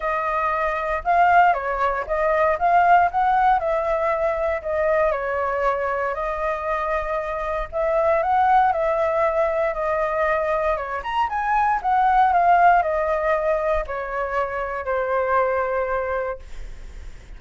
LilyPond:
\new Staff \with { instrumentName = "flute" } { \time 4/4 \tempo 4 = 117 dis''2 f''4 cis''4 | dis''4 f''4 fis''4 e''4~ | e''4 dis''4 cis''2 | dis''2. e''4 |
fis''4 e''2 dis''4~ | dis''4 cis''8 ais''8 gis''4 fis''4 | f''4 dis''2 cis''4~ | cis''4 c''2. | }